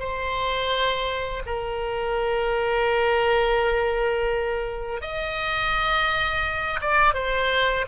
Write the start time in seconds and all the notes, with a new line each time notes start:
0.00 C5
1.46 A#4
5.02 D#5
6.81 D5
7.15 C5